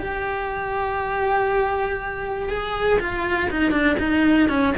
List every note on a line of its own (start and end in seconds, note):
0.00 2.50 G4
2.50 3.00 G#4
3.00 3.50 F4
3.51 3.72 D#4
3.72 3.97 D4
4.00 4.49 D#4
4.49 4.74 C#4